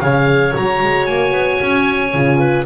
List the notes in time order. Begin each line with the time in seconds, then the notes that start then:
0.00 C#3 G#4 C#5 F5
0.51 F#3 F#4 A#5
0.82 G#3
1.06 A#3 G#5
1.31 B3
1.61 C#4
2.14 C#3 F4
2.38 B4